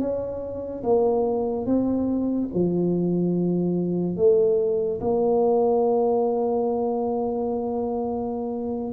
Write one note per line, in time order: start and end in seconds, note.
0.00 0.83 C#4
0.83 1.66 A#3
1.66 2.50 C4
2.54 4.17 F3
4.17 5.00 A3
5.00 8.94 A#3